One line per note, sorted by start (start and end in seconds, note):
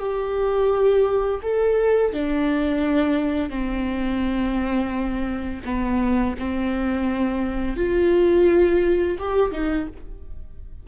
0.00 1.41 G4
1.43 2.13 A4
2.13 3.50 D4
3.50 5.62 C4
5.65 6.36 B3
6.39 7.77 C4
7.77 9.18 F4
9.19 9.52 G4
9.52 9.88 D#4